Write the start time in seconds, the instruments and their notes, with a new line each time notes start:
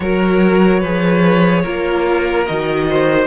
0.00 cello F#3, viola F#4, violin A#4 C#5
0.79 cello F3, viola G#4, violin B4
1.62 cello A#3, viola F4, violin A#4
2.45 cello D#3, viola F#4, violin D#5
2.89 violin C5